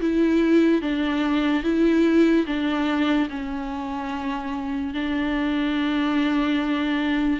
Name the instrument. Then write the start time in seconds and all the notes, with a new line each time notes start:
viola
0.00 E4
0.81 D4
1.63 E4
2.46 D4
3.29 C#4
4.94 D4